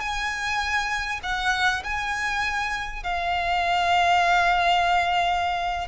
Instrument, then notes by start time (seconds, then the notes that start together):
violin
0.00 G#5
1.23 F#5
1.84 G#5
3.04 F5